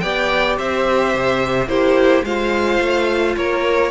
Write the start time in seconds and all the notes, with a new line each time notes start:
0.00 B3 G4 D5 G5
0.58 C4 C5 E5
1.15 C3
1.67 A#3 E4 G4 C5
2.24 G#3 F4 C5 F5
2.80 A3
3.37 A#3 A#4 C#5